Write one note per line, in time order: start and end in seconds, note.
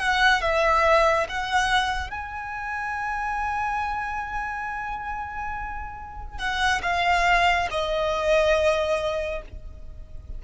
0.00 0.42 F#5
0.42 1.27 E5
1.29 2.11 F#5
2.11 6.39 G#5
6.39 6.81 F#5
6.83 7.69 F5
7.71 9.42 D#5